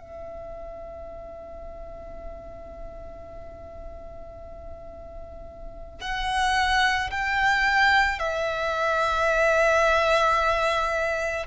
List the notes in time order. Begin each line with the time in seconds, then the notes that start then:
0.00 E5
6.01 F#5
7.11 G5
8.19 E5